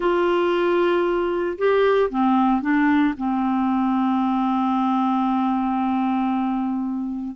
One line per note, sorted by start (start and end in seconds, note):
0.00 1.57 F4
1.58 2.10 G4
2.10 2.61 C4
2.61 3.14 D4
3.17 7.35 C4